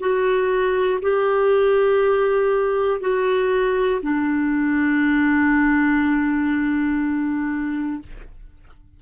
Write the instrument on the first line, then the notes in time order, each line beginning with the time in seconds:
clarinet
0.00 F#4
1.01 G4
3.00 F#4
4.01 D4